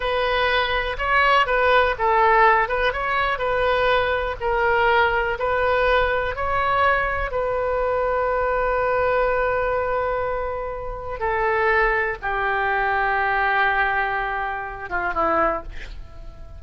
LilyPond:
\new Staff \with { instrumentName = "oboe" } { \time 4/4 \tempo 4 = 123 b'2 cis''4 b'4 | a'4. b'8 cis''4 b'4~ | b'4 ais'2 b'4~ | b'4 cis''2 b'4~ |
b'1~ | b'2. a'4~ | a'4 g'2.~ | g'2~ g'8 f'8 e'4 | }